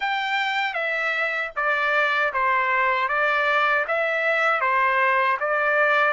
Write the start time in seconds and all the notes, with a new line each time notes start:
0.00 G5
0.73 E5
1.56 D5
2.33 C5
3.08 D5
3.87 E5
4.60 C5
5.40 D5